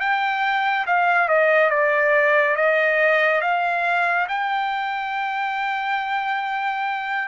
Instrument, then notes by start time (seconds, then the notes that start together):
trumpet
0.00 G5
0.86 F5
1.28 D#5
1.70 D5
2.56 D#5
3.41 F5
4.28 G5